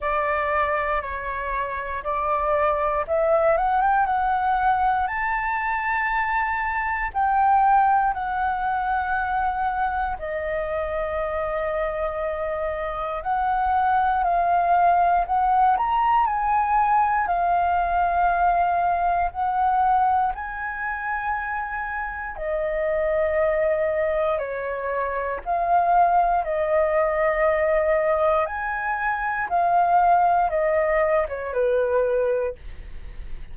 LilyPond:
\new Staff \with { instrumentName = "flute" } { \time 4/4 \tempo 4 = 59 d''4 cis''4 d''4 e''8 fis''16 g''16 | fis''4 a''2 g''4 | fis''2 dis''2~ | dis''4 fis''4 f''4 fis''8 ais''8 |
gis''4 f''2 fis''4 | gis''2 dis''2 | cis''4 f''4 dis''2 | gis''4 f''4 dis''8. cis''16 b'4 | }